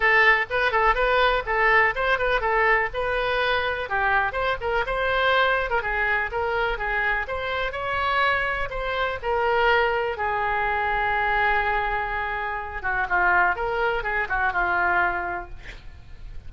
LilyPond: \new Staff \with { instrumentName = "oboe" } { \time 4/4 \tempo 4 = 124 a'4 b'8 a'8 b'4 a'4 | c''8 b'8 a'4 b'2 | g'4 c''8 ais'8 c''4.~ c''16 ais'16 | gis'4 ais'4 gis'4 c''4 |
cis''2 c''4 ais'4~ | ais'4 gis'2.~ | gis'2~ gis'8 fis'8 f'4 | ais'4 gis'8 fis'8 f'2 | }